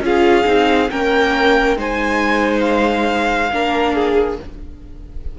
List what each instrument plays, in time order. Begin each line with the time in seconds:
0.00 cello C#4, viola F4, violin G#4 F5
0.45 cello C4, viola D#4
0.89 cello A#3, viola C#4, violin A#4 G5
1.77 cello G#3, viola D#4, violin C5 G#5
2.60 violin F5
3.51 cello A#3, viola D4, violin A#4
3.94 violin G#4